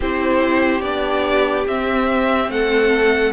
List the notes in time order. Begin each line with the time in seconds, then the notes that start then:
0.00 C4 E4 G4 C5
0.81 B3 D4 D5
1.66 C4 E5
2.48 A3 A4 F#5